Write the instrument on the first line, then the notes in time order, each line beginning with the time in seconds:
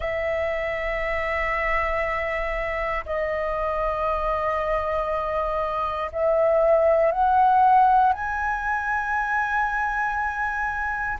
flute
0.00 E5
3.05 D#5
6.12 E5
7.11 F#5
8.13 G#5